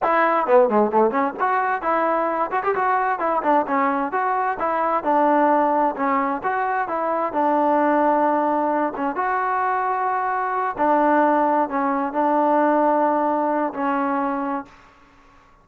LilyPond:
\new Staff \with { instrumentName = "trombone" } { \time 4/4 \tempo 4 = 131 e'4 b8 gis8 a8 cis'8 fis'4 | e'4. fis'16 g'16 fis'4 e'8 d'8 | cis'4 fis'4 e'4 d'4~ | d'4 cis'4 fis'4 e'4 |
d'2.~ d'8 cis'8 | fis'2.~ fis'8 d'8~ | d'4. cis'4 d'4.~ | d'2 cis'2 | }